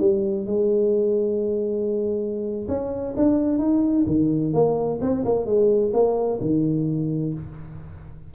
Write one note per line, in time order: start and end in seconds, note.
0.00 0.47 G3
0.47 2.67 G#3
2.68 3.15 C#4
3.17 3.59 D4
3.59 4.05 D#4
4.07 4.53 D#3
4.53 5.00 A#3
5.01 5.25 C4
5.25 5.46 A#3
5.46 5.92 G#3
5.93 6.40 A#3
6.41 7.34 D#3